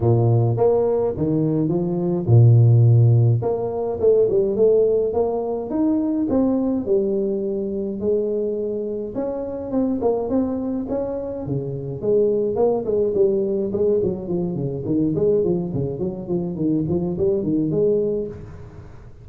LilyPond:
\new Staff \with { instrumentName = "tuba" } { \time 4/4 \tempo 4 = 105 ais,4 ais4 dis4 f4 | ais,2 ais4 a8 g8 | a4 ais4 dis'4 c'4 | g2 gis2 |
cis'4 c'8 ais8 c'4 cis'4 | cis4 gis4 ais8 gis8 g4 | gis8 fis8 f8 cis8 dis8 gis8 f8 cis8 | fis8 f8 dis8 f8 g8 dis8 gis4 | }